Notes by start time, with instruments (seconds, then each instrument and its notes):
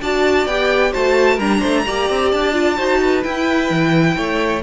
0.00 cello D4, viola F#4, violin D5 A5
0.45 cello B3, viola G4, violin G5
0.92 cello A3, viola F#4, violin C5 A5
1.34 cello G3, viola D4, violin A#4 A#5
1.59 cello A3, violin C5
1.85 cello A#3, viola G4, violin D5
2.09 cello C4
2.31 cello D4, violin A5
2.52 viola F4
2.76 cello D#4, viola F#4, violin C5
3.01 violin B4
3.22 viola E4, cello E4, violin G5
3.70 cello E3
4.16 cello A3, violin C#5